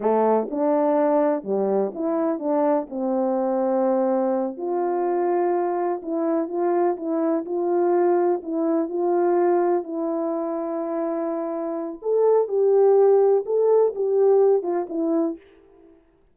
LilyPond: \new Staff \with { instrumentName = "horn" } { \time 4/4 \tempo 4 = 125 a4 d'2 g4 | e'4 d'4 c'2~ | c'4. f'2~ f'8~ | f'8 e'4 f'4 e'4 f'8~ |
f'4. e'4 f'4.~ | f'8 e'2.~ e'8~ | e'4 a'4 g'2 | a'4 g'4. f'8 e'4 | }